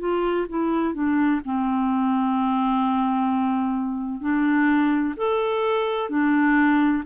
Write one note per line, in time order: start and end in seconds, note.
0.00 0.47 F4
0.49 0.94 E4
0.94 1.41 D4
1.45 4.21 C4
4.21 5.15 D4
5.17 6.10 A4
6.10 7.04 D4